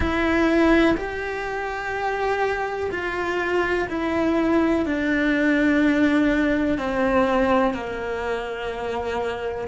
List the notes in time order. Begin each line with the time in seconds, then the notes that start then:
0.00 E4
0.97 G4
2.91 F4
3.88 E4
4.85 D4
6.77 C4
7.74 A#3